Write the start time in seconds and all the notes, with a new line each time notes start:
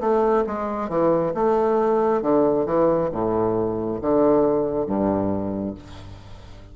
0.00 A3
0.46 G#3
0.89 E3
1.34 A3
2.21 D3
2.66 E3
3.12 A2
4.01 D3
4.86 G2